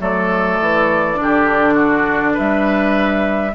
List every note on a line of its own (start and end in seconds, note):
0.00 0.59 F#3
0.00 1.15 A3
0.00 1.19 A4
0.00 2.38 D5
0.61 1.19 E3
1.15 2.37 D3
1.15 3.50 D4
1.23 1.75 G4
1.75 2.33 F#4
2.34 3.55 G3
2.34 3.51 B4
2.34 3.55 E5